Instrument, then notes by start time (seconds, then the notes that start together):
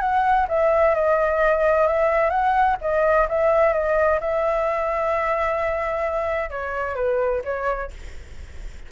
flute
0.00 F#5
0.48 E5
0.95 D#5
1.87 E5
2.30 F#5
2.81 D#5
3.29 E5
3.73 D#5
4.20 E5
6.50 C#5
6.95 B4
7.44 C#5